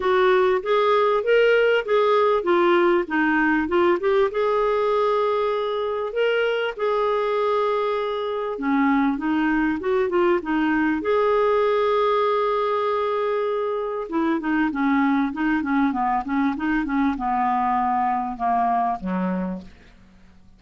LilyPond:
\new Staff \with { instrumentName = "clarinet" } { \time 4/4 \tempo 4 = 98 fis'4 gis'4 ais'4 gis'4 | f'4 dis'4 f'8 g'8 gis'4~ | gis'2 ais'4 gis'4~ | gis'2 cis'4 dis'4 |
fis'8 f'8 dis'4 gis'2~ | gis'2. e'8 dis'8 | cis'4 dis'8 cis'8 b8 cis'8 dis'8 cis'8 | b2 ais4 fis4 | }